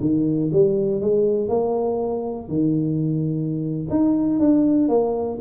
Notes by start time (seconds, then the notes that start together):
0.00 D#3
0.52 G3
1.01 G#3
1.48 A#3
2.48 D#3
3.90 D#4
4.39 D4
4.88 A#3